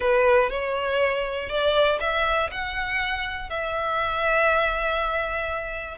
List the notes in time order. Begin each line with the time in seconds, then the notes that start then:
0.00 B4
0.50 C#5
1.49 D5
2.00 E5
2.51 F#5
3.49 E5